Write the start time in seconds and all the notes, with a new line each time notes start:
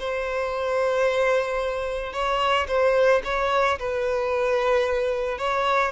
0.00 C5
2.14 C#5
2.68 C5
3.25 C#5
3.80 B4
5.39 C#5